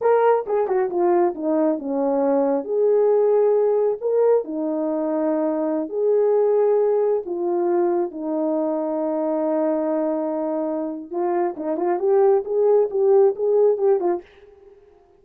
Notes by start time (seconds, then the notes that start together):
0.01 A#4
0.46 G#4
0.67 F#4
0.89 F4
1.34 D#4
1.78 C#4
2.64 G#4
4.00 A#4
4.44 D#4
5.89 G#4
7.25 F4
8.11 D#4
11.11 F4
11.56 D#4
11.77 F4
11.99 G4
12.44 G#4
12.90 G4
13.35 G#4
13.77 G4
13.99 F4